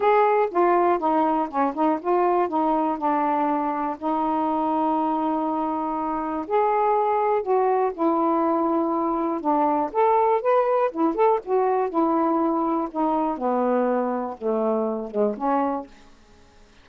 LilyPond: \new Staff \with { instrumentName = "saxophone" } { \time 4/4 \tempo 4 = 121 gis'4 f'4 dis'4 cis'8 dis'8 | f'4 dis'4 d'2 | dis'1~ | dis'4 gis'2 fis'4 |
e'2. d'4 | a'4 b'4 e'8 a'8 fis'4 | e'2 dis'4 b4~ | b4 a4. gis8 cis'4 | }